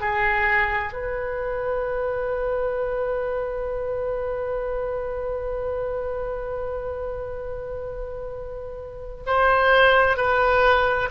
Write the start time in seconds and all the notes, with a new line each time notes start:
0.00 G#4
0.93 B4
9.26 C5
10.16 B4